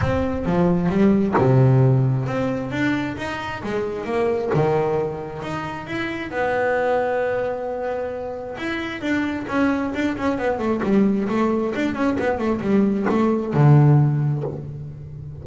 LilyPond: \new Staff \with { instrumentName = "double bass" } { \time 4/4 \tempo 4 = 133 c'4 f4 g4 c4~ | c4 c'4 d'4 dis'4 | gis4 ais4 dis2 | dis'4 e'4 b2~ |
b2. e'4 | d'4 cis'4 d'8 cis'8 b8 a8 | g4 a4 d'8 cis'8 b8 a8 | g4 a4 d2 | }